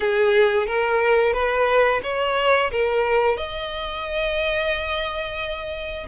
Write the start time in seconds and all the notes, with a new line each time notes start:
0.00 G#4
0.66 A#4
1.33 B4
2.03 C#5
2.71 A#4
3.37 D#5